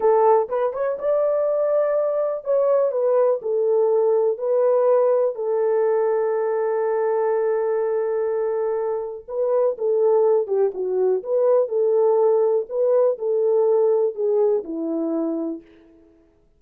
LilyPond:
\new Staff \with { instrumentName = "horn" } { \time 4/4 \tempo 4 = 123 a'4 b'8 cis''8 d''2~ | d''4 cis''4 b'4 a'4~ | a'4 b'2 a'4~ | a'1~ |
a'2. b'4 | a'4. g'8 fis'4 b'4 | a'2 b'4 a'4~ | a'4 gis'4 e'2 | }